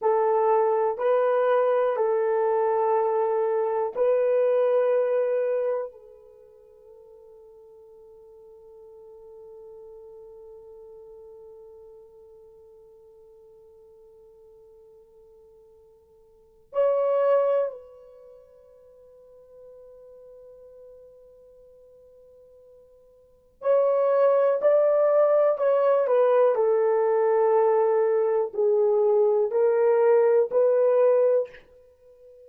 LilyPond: \new Staff \with { instrumentName = "horn" } { \time 4/4 \tempo 4 = 61 a'4 b'4 a'2 | b'2 a'2~ | a'1~ | a'1~ |
a'4 cis''4 b'2~ | b'1 | cis''4 d''4 cis''8 b'8 a'4~ | a'4 gis'4 ais'4 b'4 | }